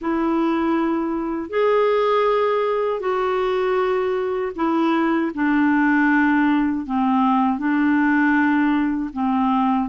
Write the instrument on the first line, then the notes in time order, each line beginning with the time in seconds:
clarinet
0.01 E4
1.49 G#4
3.00 F#4
4.55 E4
5.34 D4
6.86 C4
7.58 D4
9.13 C4